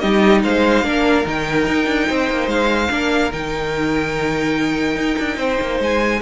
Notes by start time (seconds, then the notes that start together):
0.00 G3 D#4 G4 D#5
0.44 G#3 C5 F5
0.84 A#3 D4 A#4
1.24 D#3 D#4 G5
1.67 D#4
1.87 D4
2.09 C4 C5
2.31 A#3
2.47 G#3 F5
2.91 A#3 D4 A#4
3.33 D#3 D#4 G5
4.96 D#4
5.19 D4
5.37 C4 C5
5.61 A#3
5.80 G#3 G#5